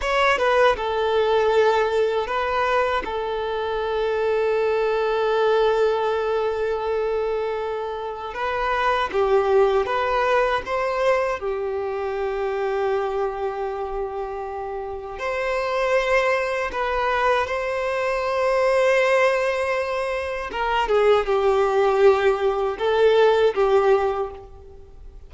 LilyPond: \new Staff \with { instrumentName = "violin" } { \time 4/4 \tempo 4 = 79 cis''8 b'8 a'2 b'4 | a'1~ | a'2. b'4 | g'4 b'4 c''4 g'4~ |
g'1 | c''2 b'4 c''4~ | c''2. ais'8 gis'8 | g'2 a'4 g'4 | }